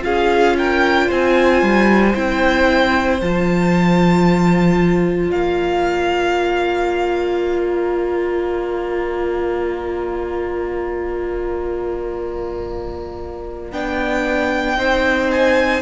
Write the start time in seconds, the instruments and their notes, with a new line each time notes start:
0.00 cello C#4, viola F4, violin G#4 F5
0.58 violin A#4 G5
1.07 cello C4, violin C5 G#5
1.62 cello G3
2.15 cello C4, viola E4, violin G5
3.21 cello F3, viola F4, violin A5
5.28 cello A#3, violin D5 F5
7.68 violin A#5
13.72 cello B3, viola D4, violin G5
14.77 cello C4, viola D#4, violin C5
15.31 violin G#5